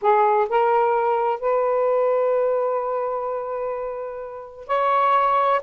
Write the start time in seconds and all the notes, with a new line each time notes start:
0.01 G#4
0.49 A#4
1.39 B4
4.67 C#5